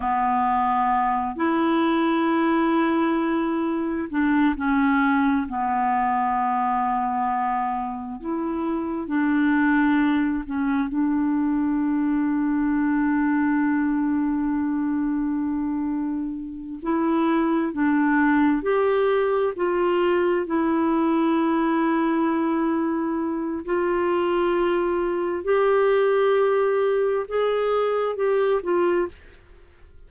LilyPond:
\new Staff \with { instrumentName = "clarinet" } { \time 4/4 \tempo 4 = 66 b4. e'2~ e'8~ | e'8 d'8 cis'4 b2~ | b4 e'4 d'4. cis'8 | d'1~ |
d'2~ d'8 e'4 d'8~ | d'8 g'4 f'4 e'4.~ | e'2 f'2 | g'2 gis'4 g'8 f'8 | }